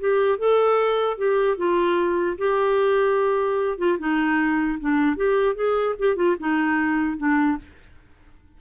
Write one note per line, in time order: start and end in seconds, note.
0.00 0.39 G4
0.39 1.18 A4
1.18 1.58 G4
1.58 2.38 F4
2.38 3.78 G4
3.79 3.99 F4
3.99 4.79 D#4
4.80 5.17 D4
5.17 5.56 G4
5.56 5.96 G#4
5.99 6.17 G4
6.17 6.37 F4
6.40 7.18 D#4
7.18 7.58 D4